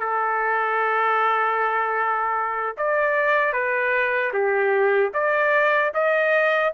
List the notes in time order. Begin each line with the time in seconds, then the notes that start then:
0.00 A4
2.77 D5
3.53 B4
4.33 G4
5.14 D5
5.95 D#5